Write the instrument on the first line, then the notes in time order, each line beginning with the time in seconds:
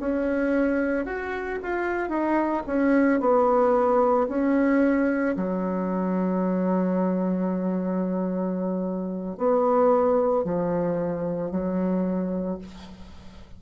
bassoon
0.00 C#4
1.06 F#4
1.63 F4
2.09 D#4
2.67 C#4
3.20 B3
4.29 C#4
5.37 F#3
9.37 B3
10.45 F3
11.51 F#3